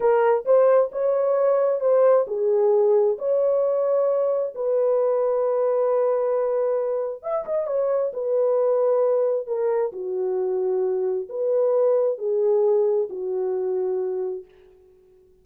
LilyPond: \new Staff \with { instrumentName = "horn" } { \time 4/4 \tempo 4 = 133 ais'4 c''4 cis''2 | c''4 gis'2 cis''4~ | cis''2 b'2~ | b'1 |
e''8 dis''8 cis''4 b'2~ | b'4 ais'4 fis'2~ | fis'4 b'2 gis'4~ | gis'4 fis'2. | }